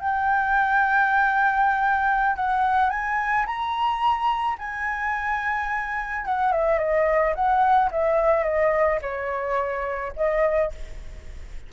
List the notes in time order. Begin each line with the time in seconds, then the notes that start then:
0.00 G5
2.36 F#5
2.90 G#5
3.46 A#5
4.59 G#5
6.25 F#5
6.52 E5
6.78 D#5
7.35 F#5
7.91 E5
8.44 D#5
9.02 C#5
10.16 D#5